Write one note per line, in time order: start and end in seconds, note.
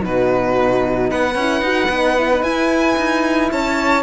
0.00 1.12 B2
0.00 1.34 D#4
0.00 1.10 F#4
0.00 1.11 B4
1.10 1.35 B3
1.10 3.51 B4
1.10 2.43 F#5
1.35 1.62 C#4
1.35 1.64 E4
1.62 1.89 D#4
1.62 1.91 F#4
1.90 2.43 B3
1.90 2.18 D#4
2.18 2.31 E4
2.33 2.45 D#4
2.43 2.97 E4
2.43 4.03 E4
2.43 3.50 G#5
2.98 3.51 D#4
3.52 4.03 C#4
3.52 4.03 C#5
3.52 4.03 A5